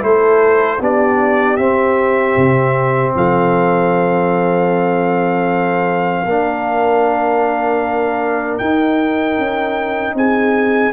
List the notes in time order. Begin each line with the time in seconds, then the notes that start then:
0.00 A3 E4 A4 C5
0.80 B3 D4 G4 D5
1.56 C4 E5
2.36 C3
3.15 F3 A4 F5
6.25 A#3 D4 A#4
8.58 D#4 G5
9.38 C#4
10.14 C4 G#4 G#5